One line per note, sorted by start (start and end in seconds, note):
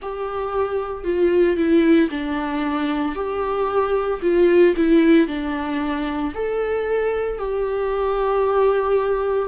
0.01 1.04 G4
1.04 1.56 F4
1.56 2.09 E4
2.10 3.15 D4
3.15 4.20 G4
4.22 4.74 F4
4.76 5.27 E4
5.27 6.33 D4
6.34 7.38 A4
7.38 9.48 G4